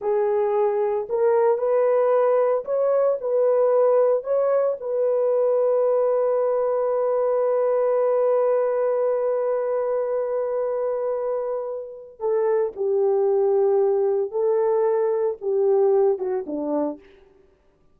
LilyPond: \new Staff \with { instrumentName = "horn" } { \time 4/4 \tempo 4 = 113 gis'2 ais'4 b'4~ | b'4 cis''4 b'2 | cis''4 b'2.~ | b'1~ |
b'1~ | b'2. a'4 | g'2. a'4~ | a'4 g'4. fis'8 d'4 | }